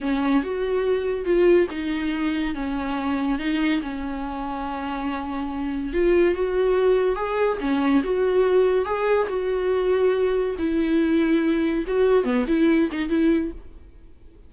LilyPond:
\new Staff \with { instrumentName = "viola" } { \time 4/4 \tempo 4 = 142 cis'4 fis'2 f'4 | dis'2 cis'2 | dis'4 cis'2.~ | cis'2 f'4 fis'4~ |
fis'4 gis'4 cis'4 fis'4~ | fis'4 gis'4 fis'2~ | fis'4 e'2. | fis'4 b8 e'4 dis'8 e'4 | }